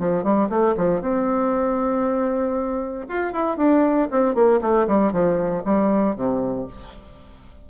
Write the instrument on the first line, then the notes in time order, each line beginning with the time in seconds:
bassoon
0.00 F3
0.24 G3
0.50 A3
0.77 F3
1.01 C4
3.09 F4
3.33 E4
3.58 D4
4.11 C4
4.35 A#3
4.62 A3
4.88 G3
5.13 F3
5.65 G3
6.16 C3